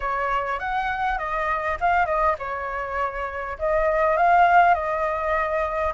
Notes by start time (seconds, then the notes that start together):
0.00 C#5
0.59 F#5
1.18 D#5
1.80 F5
2.05 D#5
2.38 C#5
3.58 D#5
4.17 F5
4.74 D#5